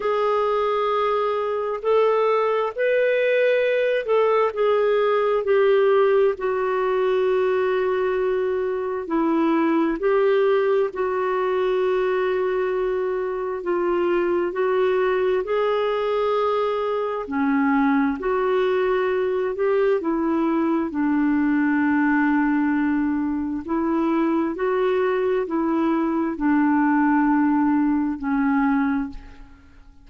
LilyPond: \new Staff \with { instrumentName = "clarinet" } { \time 4/4 \tempo 4 = 66 gis'2 a'4 b'4~ | b'8 a'8 gis'4 g'4 fis'4~ | fis'2 e'4 g'4 | fis'2. f'4 |
fis'4 gis'2 cis'4 | fis'4. g'8 e'4 d'4~ | d'2 e'4 fis'4 | e'4 d'2 cis'4 | }